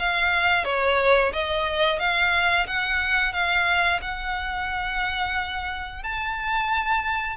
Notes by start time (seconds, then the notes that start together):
0.00 F5
0.65 C#5
1.33 D#5
1.99 F5
2.67 F#5
3.33 F5
4.02 F#5
6.04 A5